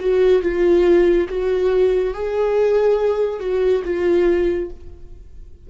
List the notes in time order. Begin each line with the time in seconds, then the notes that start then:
0.00 F#4
0.42 F4
1.29 F#4
2.14 G#4
3.40 F#4
3.85 F4